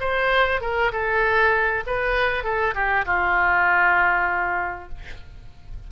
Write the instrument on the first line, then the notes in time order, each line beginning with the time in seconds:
oboe
0.00 C5
0.61 A#4
0.92 A4
1.86 B4
2.44 A4
2.74 G4
3.05 F4